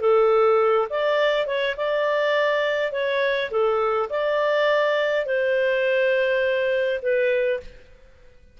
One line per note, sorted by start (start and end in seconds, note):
0.00 0.87 A4
0.89 1.46 D5
1.46 1.75 C#5
1.76 2.92 D5
2.92 3.50 C#5
3.51 4.09 A4
4.09 5.25 D5
5.25 7.00 C5
7.01 7.60 B4